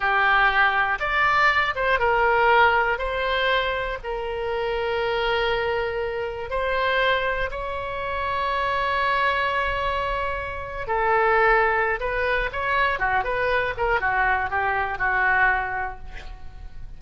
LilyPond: \new Staff \with { instrumentName = "oboe" } { \time 4/4 \tempo 4 = 120 g'2 d''4. c''8 | ais'2 c''2 | ais'1~ | ais'4 c''2 cis''4~ |
cis''1~ | cis''4.~ cis''16 a'2~ a'16 | b'4 cis''4 fis'8 b'4 ais'8 | fis'4 g'4 fis'2 | }